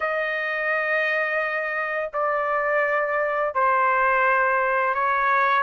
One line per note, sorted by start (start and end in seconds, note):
0.00 2.10 D#5
2.13 3.54 D5
3.54 4.94 C5
4.94 5.62 C#5